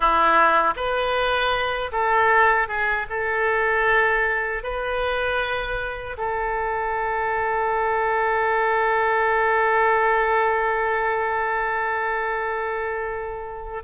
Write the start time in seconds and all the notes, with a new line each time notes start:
0.00 E4
0.76 B4
1.92 A4
2.67 G#4
3.09 A4
4.63 B4
6.17 A4